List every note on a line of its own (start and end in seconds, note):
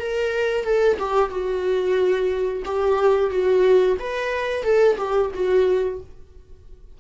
0.00 0.65 A#4
0.65 0.98 A4
0.99 1.30 G4
1.30 2.63 F#4
2.65 3.31 G4
3.31 3.97 F#4
4.00 4.64 B4
4.64 4.97 A4
4.98 5.32 G4
5.34 6.01 F#4